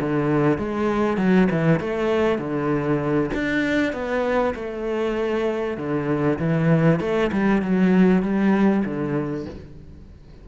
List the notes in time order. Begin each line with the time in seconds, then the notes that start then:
0.00 D3
0.58 G#3
1.17 F#3
1.51 E3
1.80 A3
2.38 D3
3.34 D4
3.93 B3
4.55 A3
5.77 D3
6.39 E3
7.00 A3
7.32 G3
7.62 F#3
8.22 G3
8.85 D3